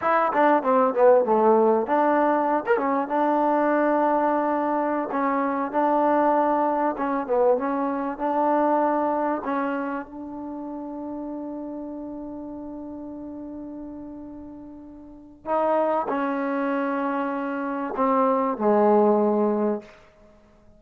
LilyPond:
\new Staff \with { instrumentName = "trombone" } { \time 4/4 \tempo 4 = 97 e'8 d'8 c'8 b8 a4 d'4~ | d'16 ais'16 cis'8 d'2.~ | d'16 cis'4 d'2 cis'8 b16~ | b16 cis'4 d'2 cis'8.~ |
cis'16 d'2.~ d'8.~ | d'1~ | d'4 dis'4 cis'2~ | cis'4 c'4 gis2 | }